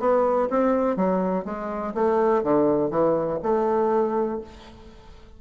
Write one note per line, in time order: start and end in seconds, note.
0.00 0.49 B3
0.51 0.97 C4
0.97 1.45 F#3
1.45 1.94 G#3
1.95 2.44 A3
2.44 2.91 D3
2.91 3.40 E3
3.43 4.42 A3